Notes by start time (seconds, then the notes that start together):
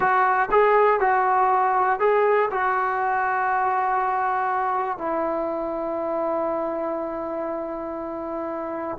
0.00 F#4
0.51 G#4
1.00 F#4
1.99 G#4
2.50 F#4
4.98 E4